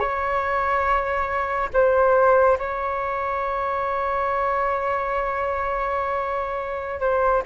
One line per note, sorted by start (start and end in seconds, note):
0.00 1.69 C#5
1.74 2.58 C5
2.59 7.01 C#5
7.01 7.43 C5